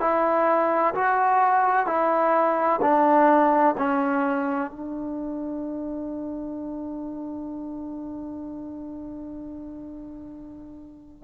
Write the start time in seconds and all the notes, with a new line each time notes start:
0.00 E4
0.94 F#4
1.86 E4
2.81 D4
3.78 C#4
4.71 D4